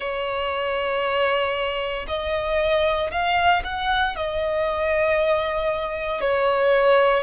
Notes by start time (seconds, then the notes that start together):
0.00 C#5
2.07 D#5
3.11 F5
3.64 F#5
4.16 D#5
6.20 C#5